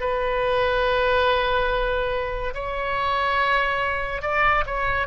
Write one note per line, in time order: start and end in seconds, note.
0.00 2.54 B4
2.54 4.22 C#5
4.22 4.64 D5
4.66 5.07 C#5